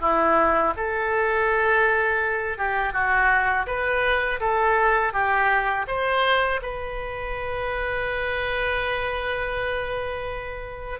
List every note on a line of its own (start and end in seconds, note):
0.00 0.73 E4
0.76 2.57 A4
2.57 2.93 G4
2.93 3.66 F#4
3.66 4.39 B4
4.40 5.13 A4
5.13 5.86 G4
5.87 6.60 C5
6.62 10.99 B4